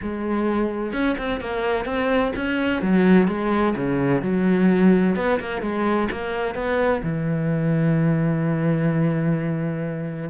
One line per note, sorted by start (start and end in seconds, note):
0.02 0.92 G#3
0.92 1.16 C#4
1.18 1.40 C4
1.40 1.85 A#3
1.85 2.32 C4
2.36 2.81 C#4
2.81 3.27 F#3
3.27 3.74 G#3
3.76 4.22 C#3
4.22 5.16 F#3
5.16 5.39 B3
5.39 5.61 A#3
5.61 6.08 G#3
6.11 6.54 A#3
6.54 7.01 B3
7.02 10.29 E3